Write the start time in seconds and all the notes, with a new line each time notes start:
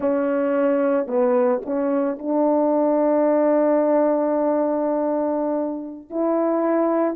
0.00 C#4
1.07 B3
1.65 C#4
2.18 D4
6.10 E4